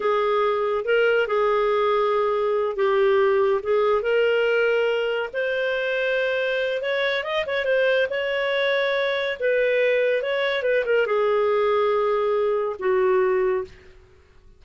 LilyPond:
\new Staff \with { instrumentName = "clarinet" } { \time 4/4 \tempo 4 = 141 gis'2 ais'4 gis'4~ | gis'2~ gis'8 g'4.~ | g'8 gis'4 ais'2~ ais'8~ | ais'8 c''2.~ c''8 |
cis''4 dis''8 cis''8 c''4 cis''4~ | cis''2 b'2 | cis''4 b'8 ais'8 gis'2~ | gis'2 fis'2 | }